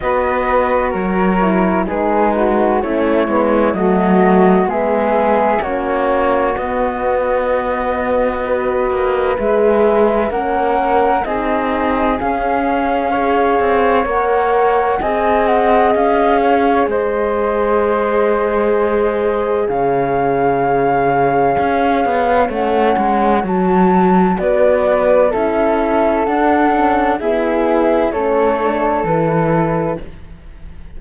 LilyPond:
<<
  \new Staff \with { instrumentName = "flute" } { \time 4/4 \tempo 4 = 64 dis''4 cis''4 b'4 cis''4 | dis''4 e''4 cis''4 dis''4~ | dis''2 e''4 fis''4 | dis''4 f''2 fis''4 |
gis''8 fis''8 f''4 dis''2~ | dis''4 f''2. | fis''4 a''4 d''4 e''4 | fis''4 e''4 cis''4 b'4 | }
  \new Staff \with { instrumentName = "flute" } { \time 4/4 b'4 ais'4 gis'8 fis'8 e'4 | fis'4 gis'4 fis'2~ | fis'4 b'2 ais'4 | gis'2 cis''2 |
dis''4. cis''8 c''2~ | c''4 cis''2.~ | cis''2 b'4 a'4~ | a'4 gis'4 a'2 | }
  \new Staff \with { instrumentName = "horn" } { \time 4/4 fis'4. e'8 dis'4 cis'8 b8 | a4 b4 cis'4 b4~ | b4 fis'4 gis'4 cis'4 | dis'4 cis'4 gis'4 ais'4 |
gis'1~ | gis'1 | cis'4 fis'2 e'4 | d'8 cis'8 b4 cis'8 d'8 e'4 | }
  \new Staff \with { instrumentName = "cello" } { \time 4/4 b4 fis4 gis4 a8 gis8 | fis4 gis4 ais4 b4~ | b4. ais8 gis4 ais4 | c'4 cis'4. c'8 ais4 |
c'4 cis'4 gis2~ | gis4 cis2 cis'8 b8 | a8 gis8 fis4 b4 cis'4 | d'4 e'4 a4 e4 | }
>>